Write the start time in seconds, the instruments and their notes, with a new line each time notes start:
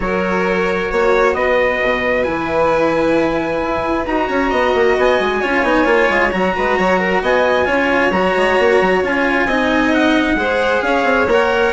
0.00 bassoon F#3, cello F#4, violin A#4, trumpet C#5
0.91 bassoon A#3, violin C#5
1.34 bassoon B3, violin B4, trumpet D#5
1.82 bassoon B2
2.23 bassoon E3, cello E4, trumpet G#5
3.62 bassoon E4
4.06 bassoon D#4, cello F#4, trumpet A#5
4.27 bassoon C#4, violin C#5
4.50 bassoon B3, violin D#5
4.74 bassoon A#3
4.97 bassoon B3, trumpet G#5
5.19 bassoon G#3
5.40 bassoon C#4, cello F4, violin C#5
5.63 bassoon B3, cello D#4
5.84 bassoon A#3, cello F4
6.09 bassoon G#3
6.31 bassoon F#3, cello F#4, trumpet A#5
6.55 bassoon G#3, violin B4
6.78 bassoon F#3, violin C#5
6.99 violin A#4
7.21 bassoon B3, violin D#5, trumpet G#5
7.65 bassoon C#4, cello F4, violin C#5
8.11 bassoon F#3, cello F#4, trumpet A#5
8.36 bassoon G#3
8.58 bassoon A#3
8.81 bassoon F#3
9.02 bassoon C#4, cello F4, trumpet G#5
9.46 bassoon C4, cello D#4, violin D#5
9.93 trumpet F#5
10.35 bassoon G#3, cello G#4, violin C5
10.82 bassoon C#4, violin C#5, trumpet F5
11.04 bassoon C4
11.27 bassoon A#3, cello A#4, trumpet F#5